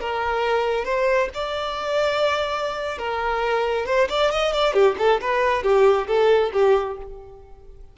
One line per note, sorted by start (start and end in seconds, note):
0.00 0.84 A#4
0.84 1.29 C5
1.34 2.98 D5
2.98 3.86 A#4
3.86 4.08 C5
4.09 4.31 D5
4.31 4.52 D#5
4.52 4.73 D5
4.73 4.95 G4
4.98 5.20 A4
5.21 5.62 B4
5.62 6.07 G4
6.07 6.51 A4
6.53 6.97 G4